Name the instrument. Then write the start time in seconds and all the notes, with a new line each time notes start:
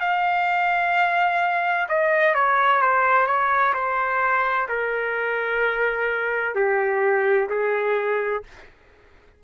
trumpet
0.00 F5
1.88 D#5
2.34 C#5
2.81 C5
3.26 C#5
3.74 C5
4.68 A#4
6.55 G4
7.50 G#4